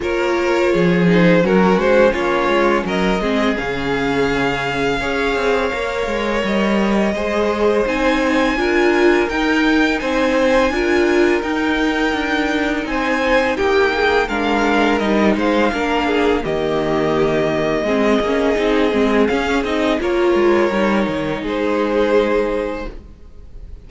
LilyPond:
<<
  \new Staff \with { instrumentName = "violin" } { \time 4/4 \tempo 4 = 84 cis''4. c''8 ais'8 c''8 cis''4 | dis''4 f''2.~ | f''4 dis''2 gis''4~ | gis''4 g''4 gis''2 |
g''2 gis''4 g''4 | f''4 dis''8 f''4. dis''4~ | dis''2. f''8 dis''8 | cis''2 c''2 | }
  \new Staff \with { instrumentName = "violin" } { \time 4/4 ais'4 gis'4 fis'4 f'4 | ais'8 gis'2~ gis'8 cis''4~ | cis''2 c''2 | ais'2 c''4 ais'4~ |
ais'2 c''4 g'8 gis'8 | ais'4. c''8 ais'8 gis'8 g'4~ | g'4 gis'2. | ais'2 gis'2 | }
  \new Staff \with { instrumentName = "viola" } { \time 4/4 f'4. dis'8 cis'2~ | cis'8 c'8 cis'2 gis'4 | ais'2 gis'4 dis'4 | f'4 dis'2 f'4 |
dis'1 | d'4 dis'4 d'4 ais4~ | ais4 c'8 cis'8 dis'8 c'8 cis'8 dis'8 | f'4 dis'2. | }
  \new Staff \with { instrumentName = "cello" } { \time 4/4 ais4 f4 fis8 gis8 ais8 gis8 | fis8 gis8 cis2 cis'8 c'8 | ais8 gis8 g4 gis4 c'4 | d'4 dis'4 c'4 d'4 |
dis'4 d'4 c'4 ais4 | gis4 g8 gis8 ais4 dis4~ | dis4 gis8 ais8 c'8 gis8 cis'8 c'8 | ais8 gis8 g8 dis8 gis2 | }
>>